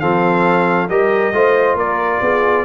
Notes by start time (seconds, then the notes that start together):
0.00 F3 C4 A4 F5
0.89 G3 G4 A#4 D#5
1.33 A3 F4 C5
1.75 A#3 A#4 D5
2.21 B3 G#4